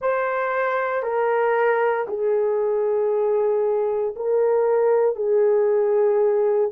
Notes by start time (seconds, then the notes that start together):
0.01 C5
1.03 A#4
2.07 G#4
4.16 A#4
5.15 G#4